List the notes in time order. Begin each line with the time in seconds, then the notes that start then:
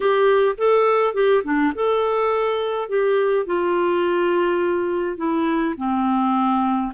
0.00 G4
0.57 A4
1.14 G4
1.43 D4
1.74 A4
2.88 G4
3.46 F4
5.17 E4
5.77 C4